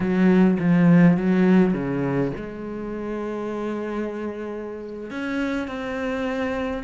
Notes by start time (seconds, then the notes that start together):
0.00 F#3
0.59 F3
1.17 F#3
1.73 C#3
2.36 G#3
5.10 C#4
5.67 C4